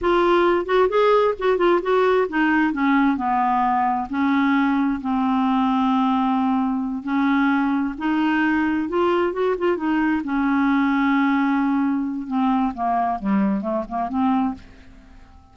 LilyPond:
\new Staff \with { instrumentName = "clarinet" } { \time 4/4 \tempo 4 = 132 f'4. fis'8 gis'4 fis'8 f'8 | fis'4 dis'4 cis'4 b4~ | b4 cis'2 c'4~ | c'2.~ c'8 cis'8~ |
cis'4. dis'2 f'8~ | f'8 fis'8 f'8 dis'4 cis'4.~ | cis'2. c'4 | ais4 g4 a8 ais8 c'4 | }